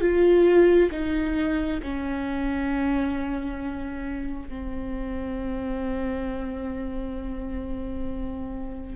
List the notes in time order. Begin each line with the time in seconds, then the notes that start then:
0.00 F4
0.91 D#4
1.82 C#4
4.48 C4